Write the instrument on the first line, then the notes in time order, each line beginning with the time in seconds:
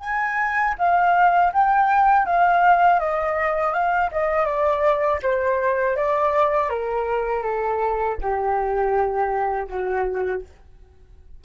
flute
0.00 G#5
0.78 F5
1.52 G5
2.26 F5
2.99 D#5
3.73 F5
4.11 D#5
4.45 D5
5.22 C5
5.96 D5
6.69 A#4
7.42 A4
8.21 G4
9.67 F#4